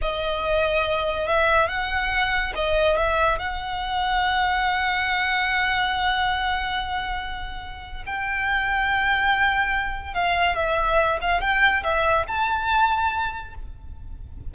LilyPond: \new Staff \with { instrumentName = "violin" } { \time 4/4 \tempo 4 = 142 dis''2. e''4 | fis''2 dis''4 e''4 | fis''1~ | fis''1~ |
fis''2. g''4~ | g''1 | f''4 e''4. f''8 g''4 | e''4 a''2. | }